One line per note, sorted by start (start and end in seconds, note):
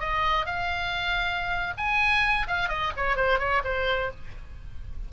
0.00 0.46 D#5
0.46 1.74 F5
1.77 2.47 G#5
2.47 2.69 F5
2.69 2.92 D#5
2.97 3.16 C#5
3.16 3.39 C5
3.39 3.62 C#5
3.64 4.11 C5